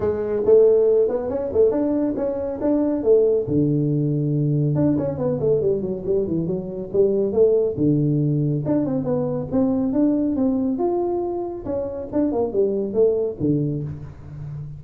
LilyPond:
\new Staff \with { instrumentName = "tuba" } { \time 4/4 \tempo 4 = 139 gis4 a4. b8 cis'8 a8 | d'4 cis'4 d'4 a4 | d2. d'8 cis'8 | b8 a8 g8 fis8 g8 e8 fis4 |
g4 a4 d2 | d'8 c'8 b4 c'4 d'4 | c'4 f'2 cis'4 | d'8 ais8 g4 a4 d4 | }